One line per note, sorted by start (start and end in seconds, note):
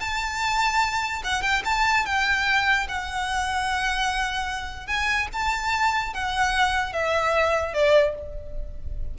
0.00 1.22 A5
1.24 1.42 F#5
1.42 1.63 G5
1.65 2.06 A5
2.06 2.87 G5
2.88 4.87 F#5
4.87 5.28 G#5
5.33 6.14 A5
6.14 6.93 F#5
6.93 7.74 E5
7.74 8.15 D5